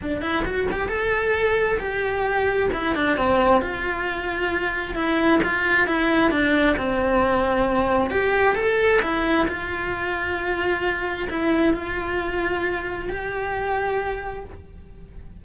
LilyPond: \new Staff \with { instrumentName = "cello" } { \time 4/4 \tempo 4 = 133 d'8 e'8 fis'8 g'8 a'2 | g'2 e'8 d'8 c'4 | f'2. e'4 | f'4 e'4 d'4 c'4~ |
c'2 g'4 a'4 | e'4 f'2.~ | f'4 e'4 f'2~ | f'4 g'2. | }